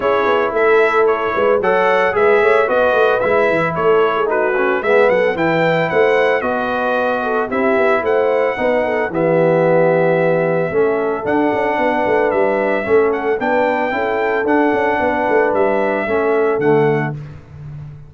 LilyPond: <<
  \new Staff \with { instrumentName = "trumpet" } { \time 4/4 \tempo 4 = 112 cis''4 e''4 cis''4 fis''4 | e''4 dis''4 e''4 cis''4 | b'4 e''8 fis''8 g''4 fis''4 | dis''2 e''4 fis''4~ |
fis''4 e''2.~ | e''4 fis''2 e''4~ | e''8 fis''8 g''2 fis''4~ | fis''4 e''2 fis''4 | }
  \new Staff \with { instrumentName = "horn" } { \time 4/4 gis'4 a'4. b'8 cis''4 | b'8 cis''8 b'2 a'8. gis'16 | fis'4 gis'8 a'8 b'4 c''4 | b'4. a'8 g'4 c''4 |
b'8 a'8 g'2. | a'2 b'2 | a'4 b'4 a'2 | b'2 a'2 | }
  \new Staff \with { instrumentName = "trombone" } { \time 4/4 e'2. a'4 | gis'4 fis'4 e'2 | dis'8 cis'8 b4 e'2 | fis'2 e'2 |
dis'4 b2. | cis'4 d'2. | cis'4 d'4 e'4 d'4~ | d'2 cis'4 a4 | }
  \new Staff \with { instrumentName = "tuba" } { \time 4/4 cis'8 b8 a4. gis8 fis4 | gis8 a8 b8 a8 gis8 e8 a4~ | a4 gis8 fis8 e4 a4 | b2 c'8 b8 a4 |
b4 e2. | a4 d'8 cis'8 b8 a8 g4 | a4 b4 cis'4 d'8 cis'8 | b8 a8 g4 a4 d4 | }
>>